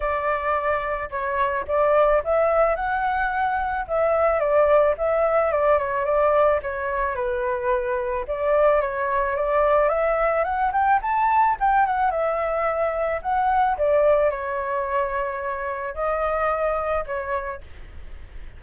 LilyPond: \new Staff \with { instrumentName = "flute" } { \time 4/4 \tempo 4 = 109 d''2 cis''4 d''4 | e''4 fis''2 e''4 | d''4 e''4 d''8 cis''8 d''4 | cis''4 b'2 d''4 |
cis''4 d''4 e''4 fis''8 g''8 | a''4 g''8 fis''8 e''2 | fis''4 d''4 cis''2~ | cis''4 dis''2 cis''4 | }